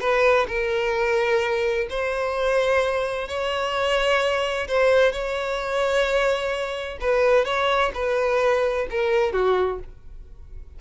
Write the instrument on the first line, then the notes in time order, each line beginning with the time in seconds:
violin
0.00 B4
0.48 A#4
1.90 C5
3.28 C#5
4.68 C5
5.12 C#5
7.01 B4
7.45 C#5
7.94 B4
8.90 A#4
9.32 F#4